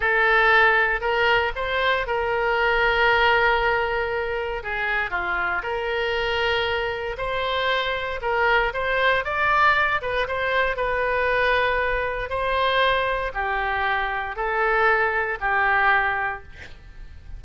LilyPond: \new Staff \with { instrumentName = "oboe" } { \time 4/4 \tempo 4 = 117 a'2 ais'4 c''4 | ais'1~ | ais'4 gis'4 f'4 ais'4~ | ais'2 c''2 |
ais'4 c''4 d''4. b'8 | c''4 b'2. | c''2 g'2 | a'2 g'2 | }